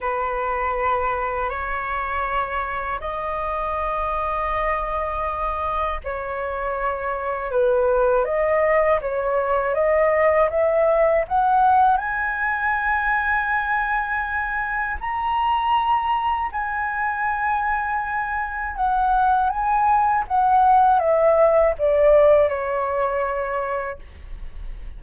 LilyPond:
\new Staff \with { instrumentName = "flute" } { \time 4/4 \tempo 4 = 80 b'2 cis''2 | dis''1 | cis''2 b'4 dis''4 | cis''4 dis''4 e''4 fis''4 |
gis''1 | ais''2 gis''2~ | gis''4 fis''4 gis''4 fis''4 | e''4 d''4 cis''2 | }